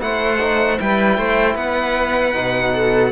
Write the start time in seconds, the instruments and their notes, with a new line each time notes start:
0.00 cello A3, trombone E4, viola C5, violin F#5
0.40 trombone D#4
0.79 cello G3, trombone E4, viola B4, violin G5
1.18 cello A3, viola C5
1.55 cello B3, viola B4, violin F#5
2.34 cello B2, trombone D#4
2.74 viola A4